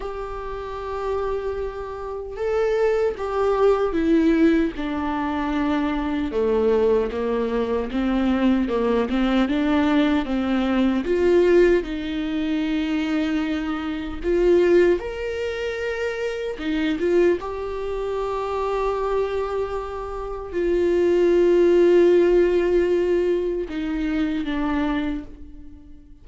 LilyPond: \new Staff \with { instrumentName = "viola" } { \time 4/4 \tempo 4 = 76 g'2. a'4 | g'4 e'4 d'2 | a4 ais4 c'4 ais8 c'8 | d'4 c'4 f'4 dis'4~ |
dis'2 f'4 ais'4~ | ais'4 dis'8 f'8 g'2~ | g'2 f'2~ | f'2 dis'4 d'4 | }